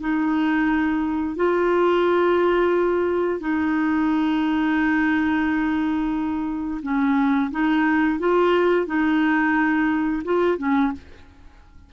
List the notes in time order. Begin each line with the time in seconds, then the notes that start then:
0.00 D#4
1.35 F4
3.40 D#4
6.82 C#4
7.51 D#4
8.19 F4
8.86 D#4
10.24 F4
10.58 C#4